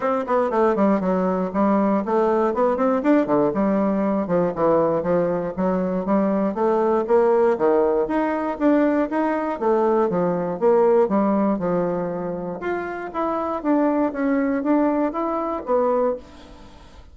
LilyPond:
\new Staff \with { instrumentName = "bassoon" } { \time 4/4 \tempo 4 = 119 c'8 b8 a8 g8 fis4 g4 | a4 b8 c'8 d'8 d8 g4~ | g8 f8 e4 f4 fis4 | g4 a4 ais4 dis4 |
dis'4 d'4 dis'4 a4 | f4 ais4 g4 f4~ | f4 f'4 e'4 d'4 | cis'4 d'4 e'4 b4 | }